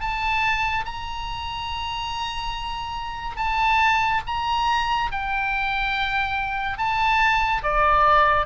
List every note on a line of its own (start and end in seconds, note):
0.00 0.85 A5
0.85 3.36 A#5
3.36 4.21 A5
4.26 5.11 A#5
5.11 6.78 G5
6.78 7.62 A5
7.63 8.46 D5